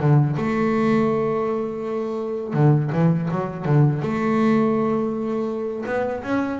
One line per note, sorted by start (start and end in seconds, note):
0.00 0.37 D3
0.37 2.54 A3
2.54 2.91 D3
2.93 3.29 E3
3.31 3.66 F#3
3.66 4.02 D3
4.02 5.85 A3
5.86 6.23 B3
6.24 6.60 C#4